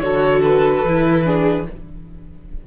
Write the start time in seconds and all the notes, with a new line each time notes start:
0.00 D3 F#4 A4 C#5
0.43 B4
0.84 E3 E4
1.25 D4 G#4